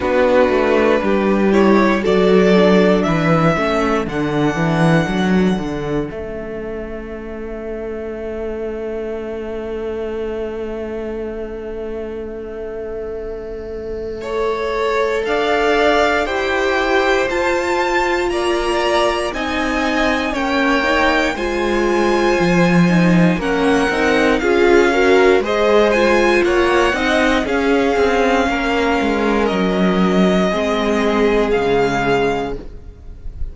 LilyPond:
<<
  \new Staff \with { instrumentName = "violin" } { \time 4/4 \tempo 4 = 59 b'4. cis''8 d''4 e''4 | fis''2 e''2~ | e''1~ | e''2. f''4 |
g''4 a''4 ais''4 gis''4 | g''4 gis''2 fis''4 | f''4 dis''8 gis''8 fis''4 f''4~ | f''4 dis''2 f''4 | }
  \new Staff \with { instrumentName = "violin" } { \time 4/4 fis'4 g'4 a'4 b'8 a'8~ | a'1~ | a'1~ | a'2 cis''4 d''4 |
c''2 d''4 dis''4 | cis''4 c''2 ais'4 | gis'8 ais'8 c''4 cis''8 dis''8 gis'4 | ais'2 gis'2 | }
  \new Staff \with { instrumentName = "viola" } { \time 4/4 d'4. e'8 fis'8 d'4 cis'8 | d'2 cis'2~ | cis'1~ | cis'2 a'2 |
g'4 f'2 dis'4 | cis'8 dis'8 f'4. dis'8 cis'8 dis'8 | f'8 fis'8 gis'8 f'4 dis'8 cis'4~ | cis'2 c'4 gis4 | }
  \new Staff \with { instrumentName = "cello" } { \time 4/4 b8 a8 g4 fis4 e8 a8 | d8 e8 fis8 d8 a2~ | a1~ | a2. d'4 |
e'4 f'4 ais4 c'4 | ais4 gis4 f4 ais8 c'8 | cis'4 gis4 ais8 c'8 cis'8 c'8 | ais8 gis8 fis4 gis4 cis4 | }
>>